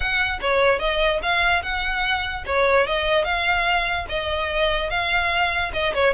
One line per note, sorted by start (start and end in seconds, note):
0.00 0.39 F#5
0.41 0.79 C#5
0.79 1.20 D#5
1.22 1.62 F5
1.62 2.44 F#5
2.46 2.86 C#5
2.86 3.24 D#5
3.24 4.05 F5
4.08 4.90 D#5
4.90 5.71 F5
5.73 5.93 D#5
5.94 6.13 C#5